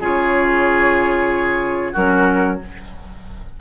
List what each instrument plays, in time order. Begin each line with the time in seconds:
0.00 bassoon C#3, clarinet F4, oboe G#4, flute C#5
1.92 bassoon F#3, clarinet C#4, oboe F#4, flute A#4